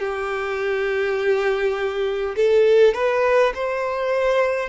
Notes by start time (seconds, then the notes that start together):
0.00 G4
2.36 A4
2.95 B4
3.55 C5